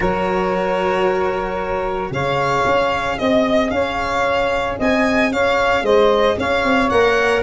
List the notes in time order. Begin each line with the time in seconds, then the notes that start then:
0.00 F#3 F#4 A#4 C#5
2.10 C#3 G#4 C#5 F5
2.65 C#4
3.18 C4 D#5
3.70 C#4 C#5 F5
4.78 C4 D#5 G#5
5.31 C#4 C#5 F5
5.82 G#3 C5 D#5
6.37 C#4 C#5 F5
6.63 C4
6.89 A#3 A#4 F#5